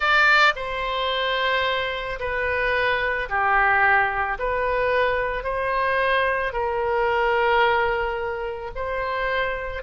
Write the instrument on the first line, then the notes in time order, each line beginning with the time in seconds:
oboe
0.00 D5
0.55 C5
2.19 B4
3.29 G4
4.38 B4
5.43 C5
6.52 A#4
8.75 C5